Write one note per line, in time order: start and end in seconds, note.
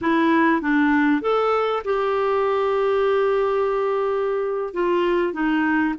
0.01 0.61 E4
0.61 1.21 D4
1.21 1.82 A4
1.84 4.73 G4
4.73 5.33 F4
5.33 5.94 D#4